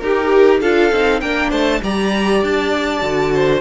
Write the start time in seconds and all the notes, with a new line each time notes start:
0.00 D#4 G4 A#4
0.60 D4 F4 A4 F5
0.92 C4 D#4
1.20 A#3 D4 A#4 G5
1.50 A3 C5 A5
1.82 G3 G4 D5 A#5
2.43 D4 A5
3.01 D3 F#4
3.34 C5